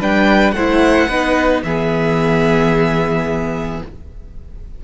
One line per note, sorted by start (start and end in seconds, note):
0.00 0.52 G3
0.00 0.55 D4
0.00 0.55 B4
0.00 0.51 G5
0.51 1.07 A3
0.51 1.10 E4
0.51 1.07 C5
0.51 1.60 F#5
1.07 1.63 B3
1.07 1.64 D#4
1.07 1.62 B4
1.63 3.82 E3
1.63 3.84 B3
1.63 3.83 G#4
1.63 3.82 E5